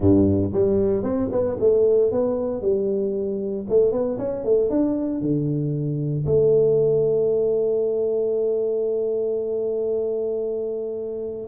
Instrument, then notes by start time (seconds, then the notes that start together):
tuba
0.00 G2
0.52 G3
1.03 C4
1.31 B3
1.60 A3
2.11 B3
2.61 G3
3.69 A3
3.91 B3
4.18 C#4
4.44 A3
4.70 D4
5.21 D3
6.26 A3